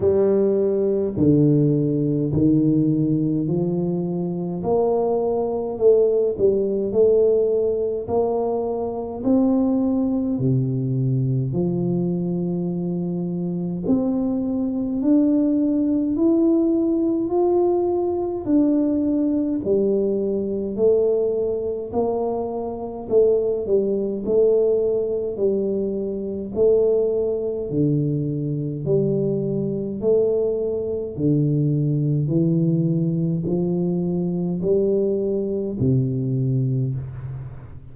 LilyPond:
\new Staff \with { instrumentName = "tuba" } { \time 4/4 \tempo 4 = 52 g4 d4 dis4 f4 | ais4 a8 g8 a4 ais4 | c'4 c4 f2 | c'4 d'4 e'4 f'4 |
d'4 g4 a4 ais4 | a8 g8 a4 g4 a4 | d4 g4 a4 d4 | e4 f4 g4 c4 | }